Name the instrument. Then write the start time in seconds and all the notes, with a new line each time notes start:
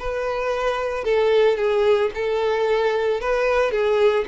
violin
0.00 B4
1.04 A4
1.58 G#4
2.15 A4
3.21 B4
3.72 G#4